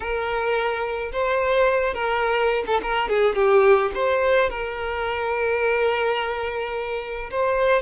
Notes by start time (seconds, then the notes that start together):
0.00 A#4
1.12 C5
1.94 A#4
2.66 A4
2.82 A#4
3.08 G#4
3.35 G4
3.94 C5
4.49 A#4
7.30 C5